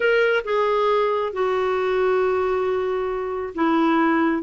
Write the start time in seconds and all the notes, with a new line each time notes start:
0.00 A#4
0.44 G#4
1.32 F#4
3.54 E4